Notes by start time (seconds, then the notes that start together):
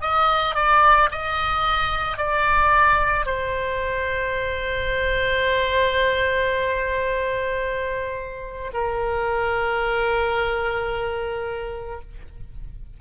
0.00 D#5
0.55 D5
1.11 D#5
2.17 D5
3.25 C5
8.73 A#4